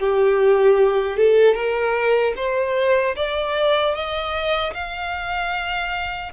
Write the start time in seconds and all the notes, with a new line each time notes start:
0.00 G4
1.18 A4
1.55 A#4
2.37 C5
3.16 D5
3.95 D#5
4.74 F5